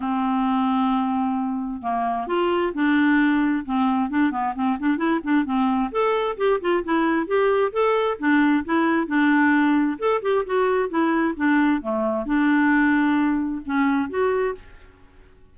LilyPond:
\new Staff \with { instrumentName = "clarinet" } { \time 4/4 \tempo 4 = 132 c'1 | ais4 f'4 d'2 | c'4 d'8 b8 c'8 d'8 e'8 d'8 | c'4 a'4 g'8 f'8 e'4 |
g'4 a'4 d'4 e'4 | d'2 a'8 g'8 fis'4 | e'4 d'4 a4 d'4~ | d'2 cis'4 fis'4 | }